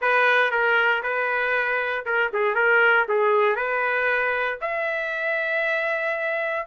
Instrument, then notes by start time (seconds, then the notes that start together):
trumpet
0.01 B4
0.51 A#4
1.02 B4
2.05 A#4
2.33 G#4
2.54 A#4
3.08 G#4
3.55 B4
4.61 E5